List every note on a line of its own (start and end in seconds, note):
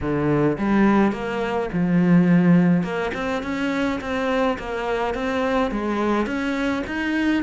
0.00 0.57 D3
0.58 1.12 G3
1.12 1.69 A#3
1.72 2.83 F3
2.83 3.11 A#3
3.14 3.42 C4
3.42 3.99 C#4
4.00 4.57 C4
4.59 5.14 A#3
5.14 5.71 C4
5.71 6.26 G#3
6.26 6.83 C#4
6.86 7.43 D#4